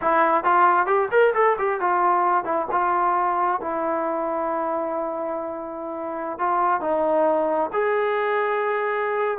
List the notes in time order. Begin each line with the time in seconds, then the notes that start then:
0.01 E4
0.44 F4
0.86 G4
1.11 A#4
1.34 A4
1.58 G4
1.80 F4
2.44 E4
2.71 F4
3.60 E4
6.38 F4
6.81 D#4
7.73 G#4